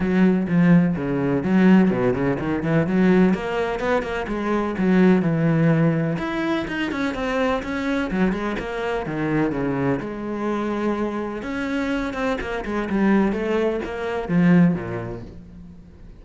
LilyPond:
\new Staff \with { instrumentName = "cello" } { \time 4/4 \tempo 4 = 126 fis4 f4 cis4 fis4 | b,8 cis8 dis8 e8 fis4 ais4 | b8 ais8 gis4 fis4 e4~ | e4 e'4 dis'8 cis'8 c'4 |
cis'4 fis8 gis8 ais4 dis4 | cis4 gis2. | cis'4. c'8 ais8 gis8 g4 | a4 ais4 f4 ais,4 | }